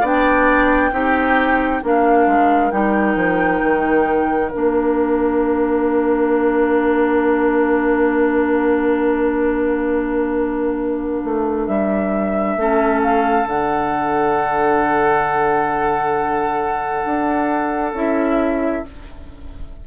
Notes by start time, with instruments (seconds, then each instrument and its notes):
0.00 bassoon B3, clarinet D4, oboe D5, flute G5
0.91 bassoon C4, clarinet D#4, oboe G4
1.82 bassoon A#3, clarinet D4, oboe A#4, flute F5
2.26 bassoon G#3
2.71 bassoon G3, clarinet D#4, flute G5
3.15 bassoon F3
3.62 bassoon D#3
4.50 bassoon A#3, clarinet D4, flute F5
11.24 bassoon A3
11.66 bassoon G3, flute E5
12.56 bassoon A3, clarinet C#4, oboe A4
13.02 flute F5
13.45 bassoon D3, clarinet D4, flute F#5
17.05 bassoon D4
17.93 bassoon C#4, clarinet E4, flute E5